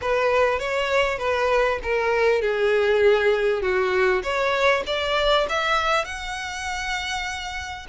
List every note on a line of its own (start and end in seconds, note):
0.01 0.59 B4
0.59 1.18 C#5
1.18 1.79 B4
1.83 2.41 A#4
2.41 3.61 G#4
3.61 4.22 F#4
4.22 4.83 C#5
4.86 5.47 D5
5.49 6.04 E5
6.04 7.86 F#5